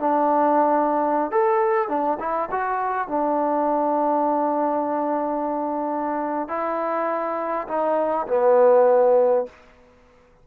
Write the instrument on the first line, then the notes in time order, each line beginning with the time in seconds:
trombone
0.00 D4
1.32 A4
1.89 D4
2.20 E4
2.51 F#4
3.08 D4
6.49 E4
7.68 D#4
8.28 B3